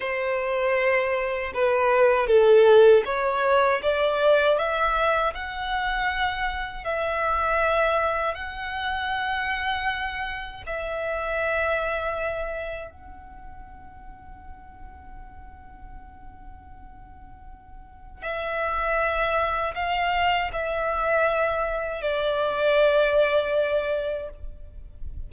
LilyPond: \new Staff \with { instrumentName = "violin" } { \time 4/4 \tempo 4 = 79 c''2 b'4 a'4 | cis''4 d''4 e''4 fis''4~ | fis''4 e''2 fis''4~ | fis''2 e''2~ |
e''4 fis''2.~ | fis''1 | e''2 f''4 e''4~ | e''4 d''2. | }